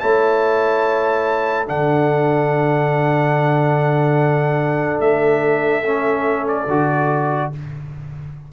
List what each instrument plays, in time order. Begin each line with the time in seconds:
0.00 tuba A3, trombone E4, horn C#5, trumpet A5
1.67 tuba D3, trombone D4, horn A4, trumpet F#5
5.00 tuba A3, trumpet E5
5.84 trombone C#4
6.48 trumpet D5
6.67 tuba D3, trombone F#4